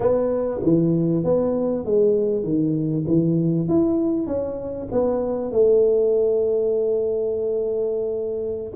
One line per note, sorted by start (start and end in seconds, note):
0.00 0.61 B3
0.62 1.24 E3
1.24 1.85 B3
1.85 2.43 G#3
2.43 3.04 D#3
3.07 3.68 E3
3.68 4.27 E4
4.27 4.88 C#4
4.91 5.51 B3
5.51 8.72 A3